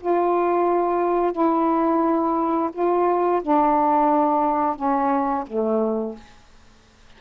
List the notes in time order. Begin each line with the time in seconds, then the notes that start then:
0.00 F4
1.32 E4
2.72 F4
3.42 D4
4.76 C#4
5.47 A3